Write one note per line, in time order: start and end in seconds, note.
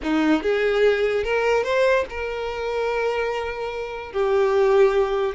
0.02 0.42 D#4
0.42 1.24 G#4
1.24 1.63 A#4
1.63 2.05 C5
2.09 4.12 A#4
4.12 5.35 G4